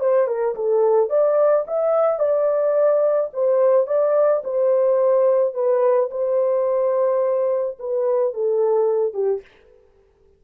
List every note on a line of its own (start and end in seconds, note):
0.00 0.27 C5
0.27 0.55 A#4
0.55 1.09 A4
1.09 1.65 D5
1.67 2.19 E5
2.19 3.30 D5
3.33 3.87 C5
3.87 4.42 D5
4.44 5.54 C5
5.54 6.10 B4
6.11 7.78 C5
7.79 8.34 B4
8.34 9.14 A4
9.14 9.41 G4